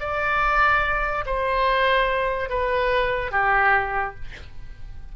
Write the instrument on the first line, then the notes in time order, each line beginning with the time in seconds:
oboe
0.00 D5
1.26 C5
2.50 B4
3.32 G4